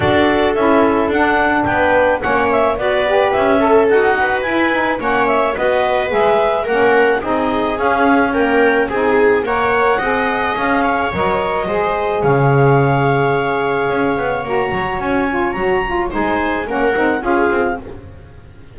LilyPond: <<
  \new Staff \with { instrumentName = "clarinet" } { \time 4/4 \tempo 4 = 108 d''4 e''4 fis''4 g''4 | fis''8 e''8 d''4 e''4 fis''4 | gis''4 fis''8 e''8 dis''4 e''4 | fis''4 dis''4 f''4 g''4 |
gis''4 fis''2 f''4 | dis''2 f''2~ | f''2 ais''4 gis''4 | ais''4 gis''4 fis''4 f''4 | }
  \new Staff \with { instrumentName = "viola" } { \time 4/4 a'2. b'4 | cis''4 b'4. a'4 b'8~ | b'4 cis''4 b'2 | ais'4 gis'2 ais'4 |
gis'4 cis''4 dis''4. cis''8~ | cis''4 c''4 cis''2~ | cis''1~ | cis''4 c''4 ais'4 gis'4 | }
  \new Staff \with { instrumentName = "saxophone" } { \time 4/4 fis'4 e'4 d'2 | cis'4 fis'8 g'4 a'8 fis'4 | e'8 dis'8 cis'4 fis'4 gis'4 | cis'4 dis'4 cis'4 ais4 |
dis'4 ais'4 gis'2 | ais'4 gis'2.~ | gis'2 fis'4. f'8 | fis'8 f'8 dis'4 cis'8 dis'8 f'4 | }
  \new Staff \with { instrumentName = "double bass" } { \time 4/4 d'4 cis'4 d'4 b4 | ais4 b4 cis'4 dis'4 | e'4 ais4 b4 gis4 | ais4 c'4 cis'2 |
c'4 ais4 c'4 cis'4 | fis4 gis4 cis2~ | cis4 cis'8 b8 ais8 fis8 cis'4 | fis4 gis4 ais8 c'8 cis'8 c'8 | }
>>